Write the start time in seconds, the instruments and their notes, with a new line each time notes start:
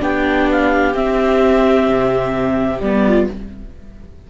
0.00 cello B3, viola D4 G4, clarinet G5
0.51 clarinet F5
0.94 viola C4, cello C4, clarinet E5
1.87 cello C3
2.80 cello G3, viola B3, clarinet D5
3.06 viola F4